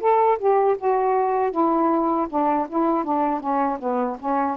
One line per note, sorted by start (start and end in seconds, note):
0.00 0.38 A4
0.38 0.76 G4
0.78 1.51 F#4
1.51 2.27 E4
2.29 2.67 D4
2.69 3.04 E4
3.04 3.40 D4
3.40 3.78 C#4
3.79 4.17 B3
4.19 4.56 C#4